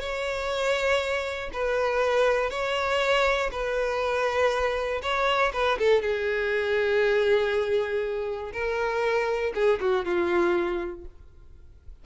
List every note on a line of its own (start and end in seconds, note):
0.00 1.50 C#5
1.53 2.50 B4
2.50 3.50 C#5
3.51 5.01 B4
5.02 5.52 C#5
5.53 5.78 B4
5.78 6.02 A4
6.02 8.52 G#4
8.53 9.53 A#4
9.54 9.79 G#4
9.80 10.05 F#4
10.05 11.05 F4